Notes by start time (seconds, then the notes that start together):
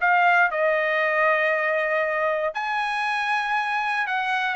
0.00 F5
0.51 D#5
2.54 G#5
4.07 F#5